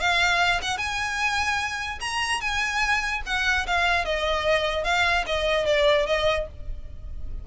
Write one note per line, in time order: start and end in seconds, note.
0.00 0.61 F5
0.62 0.78 F#5
0.78 1.99 G#5
2.00 2.41 A#5
2.41 3.22 G#5
3.26 3.66 F#5
3.67 4.05 F5
4.05 4.84 D#5
4.84 5.25 F5
5.26 5.66 D#5
5.66 6.06 D5
6.06 6.47 D#5